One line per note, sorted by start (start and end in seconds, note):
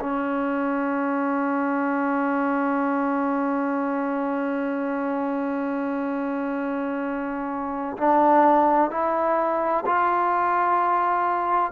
0.00 7.97 C#4
7.98 8.91 D4
8.91 9.84 E4
9.86 11.72 F4